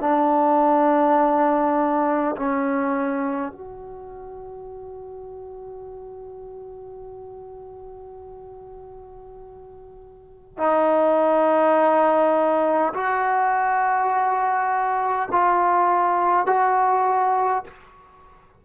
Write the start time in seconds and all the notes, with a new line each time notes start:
0.00 D4
2.35 C#4
3.52 F#4
10.57 D#4
12.93 F#4
15.32 F4
16.46 F#4